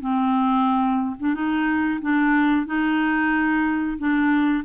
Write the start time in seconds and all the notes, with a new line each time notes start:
0.00 C4
1.19 D4
1.34 D#4
2.01 D4
2.66 D#4
3.98 D4